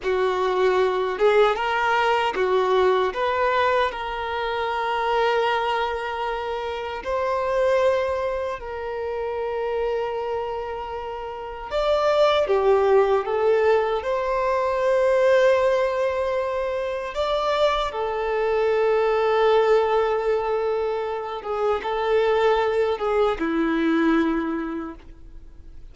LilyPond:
\new Staff \with { instrumentName = "violin" } { \time 4/4 \tempo 4 = 77 fis'4. gis'8 ais'4 fis'4 | b'4 ais'2.~ | ais'4 c''2 ais'4~ | ais'2. d''4 |
g'4 a'4 c''2~ | c''2 d''4 a'4~ | a'2.~ a'8 gis'8 | a'4. gis'8 e'2 | }